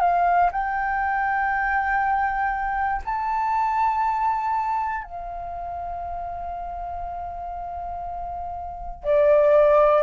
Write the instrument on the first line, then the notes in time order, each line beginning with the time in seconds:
flute
0.00 F5
0.51 G5
3.05 A5
5.04 F5
9.03 D5